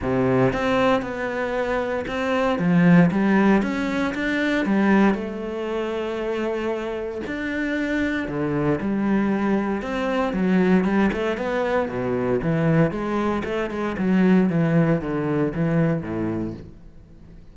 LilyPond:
\new Staff \with { instrumentName = "cello" } { \time 4/4 \tempo 4 = 116 c4 c'4 b2 | c'4 f4 g4 cis'4 | d'4 g4 a2~ | a2 d'2 |
d4 g2 c'4 | fis4 g8 a8 b4 b,4 | e4 gis4 a8 gis8 fis4 | e4 d4 e4 a,4 | }